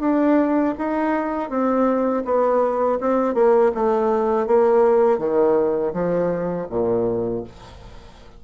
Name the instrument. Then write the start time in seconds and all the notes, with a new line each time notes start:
bassoon
0.00 D4
0.78 D#4
1.49 C4
2.25 B3
3.00 C4
3.34 A#3
3.74 A3
4.46 A#3
5.19 D#3
5.93 F3
6.69 A#2